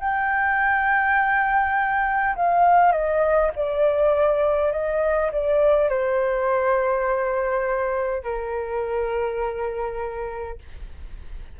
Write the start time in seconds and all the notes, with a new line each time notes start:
0.00 G5
2.35 F5
2.91 D#5
3.55 D5
4.72 D#5
5.32 D5
5.89 C5
8.23 A#4